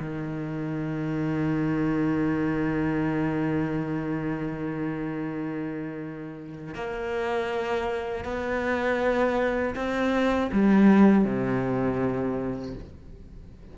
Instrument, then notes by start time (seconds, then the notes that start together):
cello
0.00 D#3
6.75 A#3
8.24 B3
9.75 C4
10.52 G3
11.25 C3